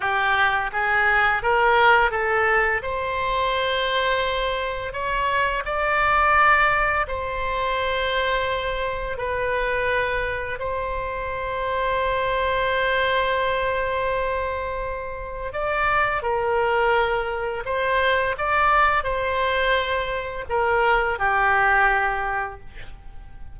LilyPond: \new Staff \with { instrumentName = "oboe" } { \time 4/4 \tempo 4 = 85 g'4 gis'4 ais'4 a'4 | c''2. cis''4 | d''2 c''2~ | c''4 b'2 c''4~ |
c''1~ | c''2 d''4 ais'4~ | ais'4 c''4 d''4 c''4~ | c''4 ais'4 g'2 | }